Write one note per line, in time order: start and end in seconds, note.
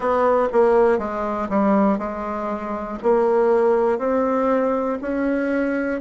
0.00 0.48 B3
0.52 0.98 A#3
0.98 1.48 G#3
1.49 1.98 G3
1.98 2.98 G#3
3.03 3.98 A#3
3.98 4.98 C4
5.01 6.00 C#4